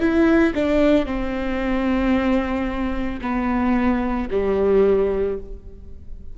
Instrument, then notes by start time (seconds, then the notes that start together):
viola
0.00 E4
0.55 D4
1.06 C4
3.22 B3
4.31 G3